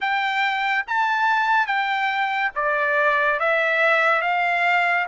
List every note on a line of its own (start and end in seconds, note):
0.00 0.85 G5
0.87 1.66 A5
1.66 2.51 G5
2.55 3.39 D5
3.39 4.21 E5
4.21 5.06 F5